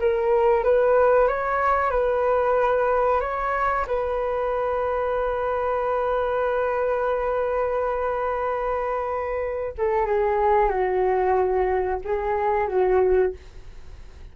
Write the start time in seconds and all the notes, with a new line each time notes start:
0.00 A#4
0.64 B4
1.28 C#5
1.90 B4
3.20 C#5
3.87 B4
9.78 A4
10.06 G#4
10.70 F#4
12.04 G#4
12.68 F#4